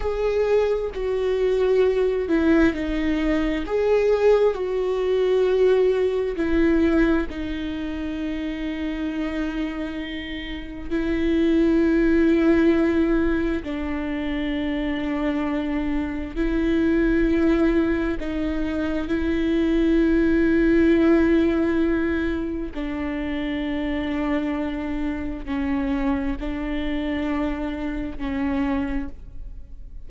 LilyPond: \new Staff \with { instrumentName = "viola" } { \time 4/4 \tempo 4 = 66 gis'4 fis'4. e'8 dis'4 | gis'4 fis'2 e'4 | dis'1 | e'2. d'4~ |
d'2 e'2 | dis'4 e'2.~ | e'4 d'2. | cis'4 d'2 cis'4 | }